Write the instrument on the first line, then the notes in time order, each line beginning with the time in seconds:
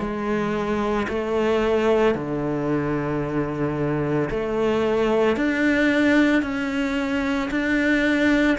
cello
0.00 G#3
1.08 A3
2.15 D3
4.30 A3
5.37 D4
6.43 C#4
7.50 D4